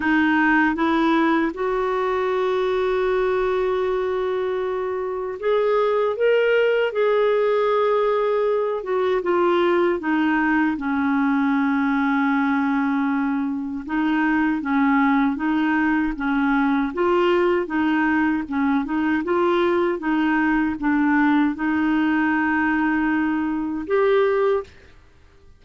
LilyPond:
\new Staff \with { instrumentName = "clarinet" } { \time 4/4 \tempo 4 = 78 dis'4 e'4 fis'2~ | fis'2. gis'4 | ais'4 gis'2~ gis'8 fis'8 | f'4 dis'4 cis'2~ |
cis'2 dis'4 cis'4 | dis'4 cis'4 f'4 dis'4 | cis'8 dis'8 f'4 dis'4 d'4 | dis'2. g'4 | }